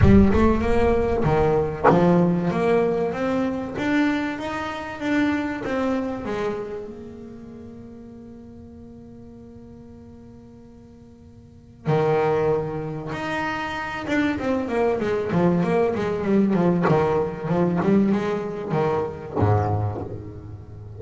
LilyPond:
\new Staff \with { instrumentName = "double bass" } { \time 4/4 \tempo 4 = 96 g8 a8 ais4 dis4 f4 | ais4 c'4 d'4 dis'4 | d'4 c'4 gis4 ais4~ | ais1~ |
ais2. dis4~ | dis4 dis'4. d'8 c'8 ais8 | gis8 f8 ais8 gis8 g8 f8 dis4 | f8 g8 gis4 dis4 gis,4 | }